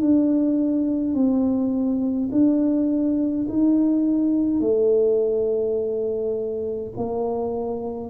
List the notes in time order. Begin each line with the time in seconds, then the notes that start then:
0.00 D4
1.14 C4
2.31 D4
3.48 D#4
4.60 A3
6.97 A#3